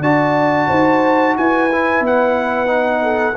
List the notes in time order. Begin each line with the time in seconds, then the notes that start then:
0.00 D4 F#4 D5 A5
0.68 D#4 C5
1.37 E4 B4 G#5
1.72 E4
2.01 B3 F#5
2.66 D#4
3.02 A4